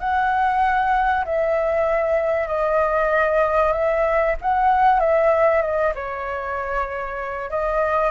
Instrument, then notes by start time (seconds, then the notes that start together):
flute
0.00 F#5
1.26 E5
2.48 D#5
3.73 E5
4.42 F#5
5.00 E5
5.62 D#5
5.95 C#5
7.51 D#5